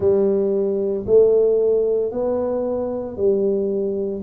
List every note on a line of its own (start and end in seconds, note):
0.00 1.05 G3
1.06 2.11 A3
2.11 3.16 B3
3.16 4.22 G3